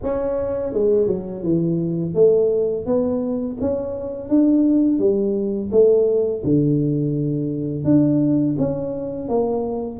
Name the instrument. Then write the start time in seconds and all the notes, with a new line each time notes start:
tuba
0.03 C#4
0.73 G#3
1.07 F#3
1.43 E3
2.14 A3
2.86 B3
3.60 C#4
4.28 D4
4.98 G3
5.71 A3
6.44 D3
7.84 D4
8.58 C#4
9.28 A#3